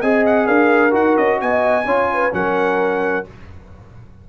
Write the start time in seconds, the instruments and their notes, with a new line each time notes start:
0.00 tuba C4, trombone G#4, horn D#5, trumpet G#5
0.26 trumpet F#5
0.47 tuba D4, horn A#4, trumpet F5
0.91 tuba D#4, trombone F#4, trumpet F#5
1.16 tuba C#4, trumpet D#5
1.41 tuba B3, horn D#5, trumpet G#5
1.85 tuba C#4, trombone F4, horn C#5
2.13 horn B4
2.31 tuba F#3, trombone C#4, horn A#4, trumpet F#5